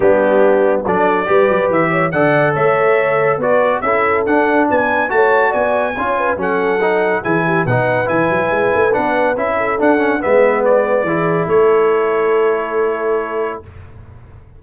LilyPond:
<<
  \new Staff \with { instrumentName = "trumpet" } { \time 4/4 \tempo 4 = 141 g'2 d''2 | e''4 fis''4 e''2 | d''4 e''4 fis''4 gis''4 | a''4 gis''2 fis''4~ |
fis''4 gis''4 fis''4 gis''4~ | gis''4 fis''4 e''4 fis''4 | e''4 d''2 cis''4~ | cis''1 | }
  \new Staff \with { instrumentName = "horn" } { \time 4/4 d'2 a'4 b'4~ | b'8 cis''8 d''4 cis''2 | b'4 a'2 b'4 | cis''4 d''4 cis''8 b'8 a'4~ |
a'4 gis'8 g'8 b'2~ | b'2~ b'8 a'4. | b'2 gis'4 a'4~ | a'1 | }
  \new Staff \with { instrumentName = "trombone" } { \time 4/4 b2 d'4 g'4~ | g'4 a'2. | fis'4 e'4 d'2 | fis'2 f'4 cis'4 |
dis'4 e'4 dis'4 e'4~ | e'4 d'4 e'4 d'8 cis'8 | b2 e'2~ | e'1 | }
  \new Staff \with { instrumentName = "tuba" } { \time 4/4 g2 fis4 g8 fis8 | e4 d4 a2 | b4 cis'4 d'4 b4 | a4 b4 cis'4 fis4~ |
fis4 e4 b,4 e8 fis8 | gis8 a8 b4 cis'4 d'4 | gis2 e4 a4~ | a1 | }
>>